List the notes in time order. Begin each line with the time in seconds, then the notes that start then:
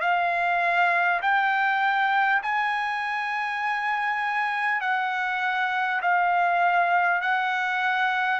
0.00 F5
1.22 G5
2.42 G#5
4.81 F#5
6.01 F5
7.21 F#5